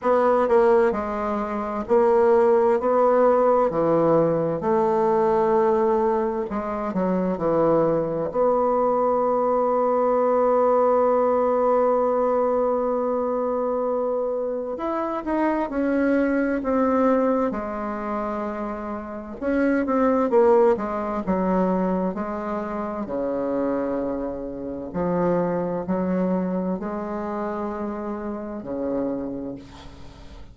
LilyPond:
\new Staff \with { instrumentName = "bassoon" } { \time 4/4 \tempo 4 = 65 b8 ais8 gis4 ais4 b4 | e4 a2 gis8 fis8 | e4 b2.~ | b1 |
e'8 dis'8 cis'4 c'4 gis4~ | gis4 cis'8 c'8 ais8 gis8 fis4 | gis4 cis2 f4 | fis4 gis2 cis4 | }